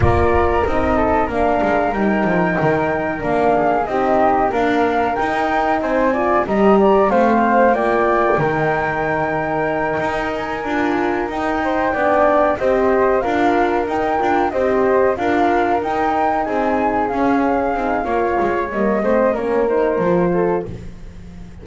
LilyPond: <<
  \new Staff \with { instrumentName = "flute" } { \time 4/4 \tempo 4 = 93 d''4 dis''4 f''4 g''4~ | g''4 f''4 dis''4 f''4 | g''4 gis''4 ais''4 f''4 | g''1 |
gis''4. g''2 dis''8~ | dis''8 f''4 g''4 dis''4 f''8~ | f''8 g''4 gis''4 f''4.~ | f''4 dis''4 cis''8 c''4. | }
  \new Staff \with { instrumentName = "flute" } { \time 4/4 ais'4. a'8 ais'2~ | ais'4. gis'8 g'4 ais'4~ | ais'4 c''8 d''8 dis''8 d''8 c''4 | d''4 ais'2.~ |
ais'2 c''8 d''4 c''8~ | c''8 ais'2 c''4 ais'8~ | ais'4. gis'2~ gis'8 | cis''4. c''8 ais'4. a'8 | }
  \new Staff \with { instrumentName = "horn" } { \time 4/4 f'4 dis'4 d'4 dis'4~ | dis'4 d'4 dis'4 ais4 | dis'4. f'8 g'4 c'4 | f'4 dis'2.~ |
dis'8 f'4 dis'4 d'4 g'8~ | g'8 f'4 dis'8 f'8 g'4 f'8~ | f'8 dis'2 cis'4 dis'8 | f'4 ais8 c'8 cis'8 dis'8 f'4 | }
  \new Staff \with { instrumentName = "double bass" } { \time 4/4 ais4 c'4 ais8 gis8 g8 f8 | dis4 ais4 c'4 d'4 | dis'4 c'4 g4 a4 | ais4 dis2~ dis8 dis'8~ |
dis'8 d'4 dis'4 b4 c'8~ | c'8 d'4 dis'8 d'8 c'4 d'8~ | d'8 dis'4 c'4 cis'4 c'8 | ais8 gis8 g8 a8 ais4 f4 | }
>>